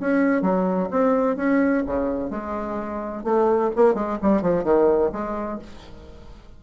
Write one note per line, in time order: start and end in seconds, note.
0.00 0.42 C#4
0.42 0.89 F#3
0.91 1.36 C4
1.36 1.83 C#4
1.86 2.30 C#3
2.30 3.24 G#3
3.24 3.71 A3
3.76 3.94 A#3
3.94 4.18 G#3
4.22 4.41 G3
4.41 4.64 F3
4.64 5.11 D#3
5.12 5.59 G#3